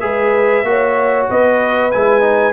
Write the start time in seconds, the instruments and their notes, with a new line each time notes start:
0.00 tuba G#3, trombone G#4, horn B4, trumpet E5
0.63 tuba A#3, trombone F#4, horn C#5
1.29 tuba B3, horn B4, trumpet D#5
1.91 tuba G#3, trombone E4, trumpet G#5
2.21 trombone D#4